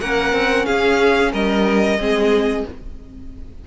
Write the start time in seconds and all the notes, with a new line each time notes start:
0.00 A#3 C#4 A#4 F#5
0.32 C4
0.65 C#4 G#4 F5
1.32 G3 A#4 D#5
1.97 G#3 C4 G#4